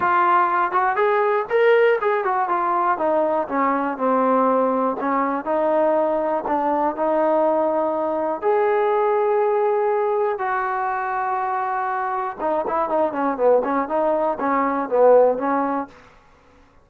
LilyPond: \new Staff \with { instrumentName = "trombone" } { \time 4/4 \tempo 4 = 121 f'4. fis'8 gis'4 ais'4 | gis'8 fis'8 f'4 dis'4 cis'4 | c'2 cis'4 dis'4~ | dis'4 d'4 dis'2~ |
dis'4 gis'2.~ | gis'4 fis'2.~ | fis'4 dis'8 e'8 dis'8 cis'8 b8 cis'8 | dis'4 cis'4 b4 cis'4 | }